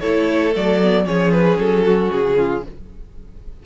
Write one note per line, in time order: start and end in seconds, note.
0.00 0.55 A3
0.00 0.53 E4
0.00 1.04 A4
0.00 0.52 C#5
0.53 1.05 F#3
0.53 0.79 A3
0.53 1.07 D5
0.83 1.05 B3
1.05 1.57 F3
1.05 2.62 C#4
1.05 1.85 G#4
1.05 1.32 C#5
1.32 1.58 B4
1.58 2.10 F#3
1.58 2.11 A4
1.85 2.37 F#4
2.11 2.65 C#3
2.11 2.63 G#4
2.37 2.63 F4